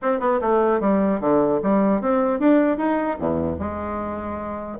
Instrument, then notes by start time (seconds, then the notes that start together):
bassoon
0.02 C4
0.19 B3
0.41 A3
0.80 G3
1.20 D3
1.63 G3
2.01 C4
2.39 D4
2.77 D#4
3.18 E2
3.58 G#3